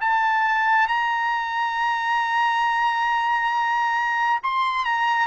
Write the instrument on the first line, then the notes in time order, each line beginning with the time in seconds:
trumpet
0.00 A5
0.87 A#5
4.43 C6
4.85 A#5